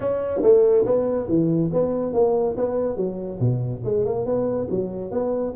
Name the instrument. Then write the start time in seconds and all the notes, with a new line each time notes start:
tuba
0.00 C#4
0.42 A3
0.85 B3
1.28 E3
1.73 B3
2.13 A#3
2.56 B3
2.96 F#3
3.39 B2
3.84 G#3
4.05 A#3
4.25 B3
4.69 F#3
5.11 B3